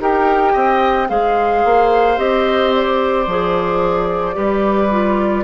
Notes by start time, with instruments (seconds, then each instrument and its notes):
0.00 bassoon D#4, clarinet G4, oboe A#4, flute G5
0.53 bassoon C4, oboe D#5
1.08 bassoon G#3, clarinet G#4, oboe C5, flute F5
1.65 bassoon A#3
2.17 bassoon C4, clarinet G4, flute D#5
2.75 flute D5
3.27 bassoon F3, clarinet G#4
4.34 bassoon G3, clarinet G4, oboe B4
4.91 clarinet F4